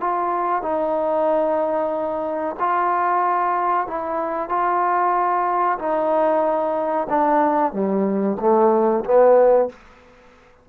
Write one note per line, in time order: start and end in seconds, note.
0.00 0.62 F4
0.62 2.55 D#4
2.60 3.87 F4
3.87 4.49 E4
4.49 5.78 F4
5.78 7.07 D#4
7.09 7.72 D4
7.72 8.37 G3
8.40 9.04 A3
9.04 9.69 B3